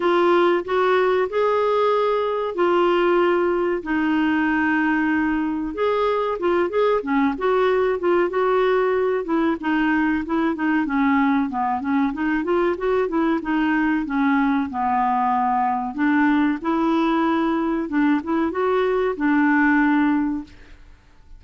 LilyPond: \new Staff \with { instrumentName = "clarinet" } { \time 4/4 \tempo 4 = 94 f'4 fis'4 gis'2 | f'2 dis'2~ | dis'4 gis'4 f'8 gis'8 cis'8 fis'8~ | fis'8 f'8 fis'4. e'8 dis'4 |
e'8 dis'8 cis'4 b8 cis'8 dis'8 f'8 | fis'8 e'8 dis'4 cis'4 b4~ | b4 d'4 e'2 | d'8 e'8 fis'4 d'2 | }